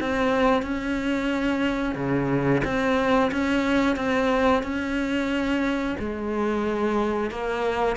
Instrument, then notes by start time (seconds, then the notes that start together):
cello
0.00 C4
0.62 C#4
1.95 C#3
2.64 C4
3.31 C#4
3.96 C4
4.63 C#4
5.99 G#3
7.31 A#3